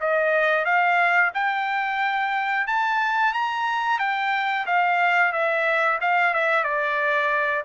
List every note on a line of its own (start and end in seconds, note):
0.00 0.65 D#5
0.65 1.31 F5
1.34 2.67 G5
2.67 3.33 A5
3.33 3.99 A#5
3.99 4.65 G5
4.66 5.32 F5
5.32 5.99 E5
6.01 6.34 F5
6.34 6.64 E5
6.64 7.64 D5